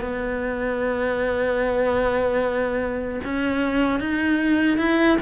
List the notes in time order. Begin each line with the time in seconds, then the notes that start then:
0.00 B3
3.24 C#4
4.00 D#4
4.78 E4